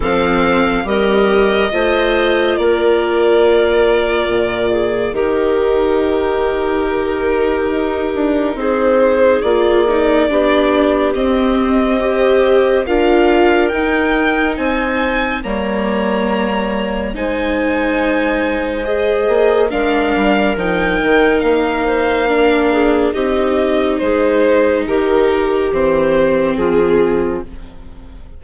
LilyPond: <<
  \new Staff \with { instrumentName = "violin" } { \time 4/4 \tempo 4 = 70 f''4 dis''2 d''4~ | d''2 ais'2~ | ais'2 c''4 d''4~ | d''4 dis''2 f''4 |
g''4 gis''4 ais''2 | gis''2 dis''4 f''4 | g''4 f''2 dis''4 | c''4 ais'4 c''4 gis'4 | }
  \new Staff \with { instrumentName = "clarinet" } { \time 4/4 a'4 ais'4 c''4 ais'4~ | ais'4. gis'8 g'2~ | g'2 gis'2 | g'2 c''4 ais'4~ |
ais'4 c''4 cis''2 | c''2. ais'4~ | ais'4. c''8 ais'8 gis'8 g'4 | gis'4 g'2 f'4 | }
  \new Staff \with { instrumentName = "viola" } { \time 4/4 c'4 g'4 f'2~ | f'2 dis'2~ | dis'2. f'8 dis'8 | d'4 c'4 g'4 f'4 |
dis'2 ais2 | dis'2 gis'4 d'4 | dis'2 d'4 dis'4~ | dis'2 c'2 | }
  \new Staff \with { instrumentName = "bassoon" } { \time 4/4 f4 g4 a4 ais4~ | ais4 ais,4 dis2~ | dis4 dis'8 d'8 c'4 ais4 | b4 c'2 d'4 |
dis'4 c'4 g2 | gis2~ gis8 ais8 gis8 g8 | f8 dis8 ais2 c'4 | gis4 dis4 e4 f4 | }
>>